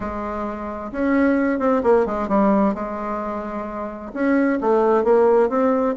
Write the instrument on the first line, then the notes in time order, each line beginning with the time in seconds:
bassoon
0.00 G#3
0.91 C#4
1.59 C4
1.83 A#3
2.06 G#3
2.28 G3
2.74 G#3
4.13 C#4
4.60 A3
5.04 A#3
5.49 C4